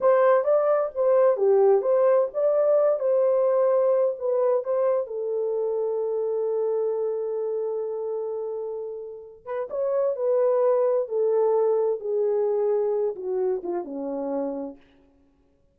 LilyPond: \new Staff \with { instrumentName = "horn" } { \time 4/4 \tempo 4 = 130 c''4 d''4 c''4 g'4 | c''4 d''4. c''4.~ | c''4 b'4 c''4 a'4~ | a'1~ |
a'1~ | a'8 b'8 cis''4 b'2 | a'2 gis'2~ | gis'8 fis'4 f'8 cis'2 | }